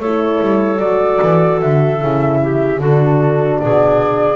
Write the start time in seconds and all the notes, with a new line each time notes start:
0.00 A3 E4 A4 C#5
0.41 G3
0.79 F#3 F#4 D5
1.22 E3
1.61 D3 E5
2.02 C#3 E4
2.43 G4
2.79 D3 D4 F#4 A4
3.59 B2 G#4 D5